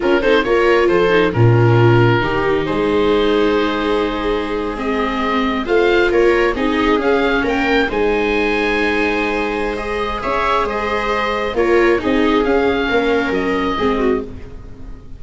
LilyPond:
<<
  \new Staff \with { instrumentName = "oboe" } { \time 4/4 \tempo 4 = 135 ais'8 c''8 cis''4 c''4 ais'4~ | ais'2 c''2~ | c''2~ c''8. dis''4~ dis''16~ | dis''8. f''4 cis''4 dis''4 f''16~ |
f''8. g''4 gis''2~ gis''16~ | gis''2 dis''4 e''4 | dis''2 cis''4 dis''4 | f''2 dis''2 | }
  \new Staff \with { instrumentName = "viola" } { \time 4/4 f'8 a'8 ais'4 a'4 f'4~ | f'4 g'4 gis'2~ | gis'1~ | gis'8. c''4 ais'4 gis'4~ gis'16~ |
gis'8. ais'4 c''2~ c''16~ | c''2. cis''4 | c''2 ais'4 gis'4~ | gis'4 ais'2 gis'8 fis'8 | }
  \new Staff \with { instrumentName = "viola" } { \time 4/4 cis'8 dis'8 f'4. dis'8 cis'4~ | cis'4 dis'2.~ | dis'2~ dis'8. c'4~ c'16~ | c'8. f'2 dis'4 cis'16~ |
cis'4.~ cis'16 dis'2~ dis'16~ | dis'2 gis'2~ | gis'2 f'4 dis'4 | cis'2. c'4 | }
  \new Staff \with { instrumentName = "tuba" } { \time 4/4 cis'8 c'8 ais4 f4 ais,4~ | ais,4 dis4 gis2~ | gis1~ | gis8. a4 ais4 c'4 cis'16~ |
cis'8. ais4 gis2~ gis16~ | gis2. cis'4 | gis2 ais4 c'4 | cis'4 ais4 fis4 gis4 | }
>>